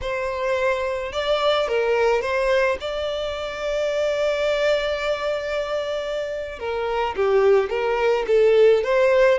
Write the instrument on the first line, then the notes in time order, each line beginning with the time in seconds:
violin
0.01 C5
1.12 D5
1.67 A#4
2.21 C5
2.80 D5
6.59 A#4
7.16 G4
7.69 A#4
8.27 A4
8.83 C5